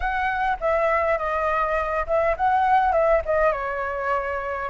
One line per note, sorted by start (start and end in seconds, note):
0.00 0.57 F#5
0.60 1.18 E5
1.18 2.06 D#5
2.06 2.36 E5
2.36 2.92 F#5
2.92 3.21 E5
3.25 3.51 D#5
3.51 4.69 C#5